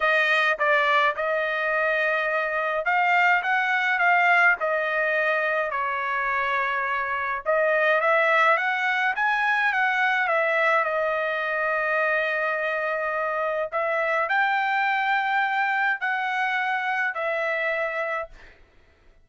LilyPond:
\new Staff \with { instrumentName = "trumpet" } { \time 4/4 \tempo 4 = 105 dis''4 d''4 dis''2~ | dis''4 f''4 fis''4 f''4 | dis''2 cis''2~ | cis''4 dis''4 e''4 fis''4 |
gis''4 fis''4 e''4 dis''4~ | dis''1 | e''4 g''2. | fis''2 e''2 | }